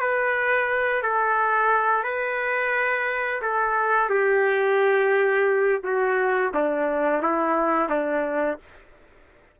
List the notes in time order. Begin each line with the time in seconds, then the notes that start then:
0.00 B4
1.02 A4
2.03 B4
3.42 A4
4.09 G4
5.84 F#4
6.54 D4
7.22 E4
7.89 D4